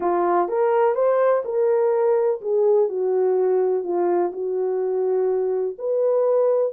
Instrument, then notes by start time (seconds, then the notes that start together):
horn
0.00 F4
0.48 A#4
0.94 C5
1.44 A#4
2.41 G#4
2.88 F#4
3.83 F4
4.32 F#4
5.78 B4